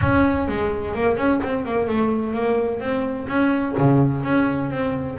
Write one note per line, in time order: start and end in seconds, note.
0.01 0.48 C#4
0.48 0.94 G#3
0.95 1.17 A#3
1.17 1.40 C#4
1.43 1.65 C4
1.65 1.87 A#3
1.87 2.33 A3
2.33 2.80 A#3
2.80 3.27 C4
3.28 3.75 C#4
3.77 4.23 C#3
4.23 4.70 C#4
4.70 5.17 C4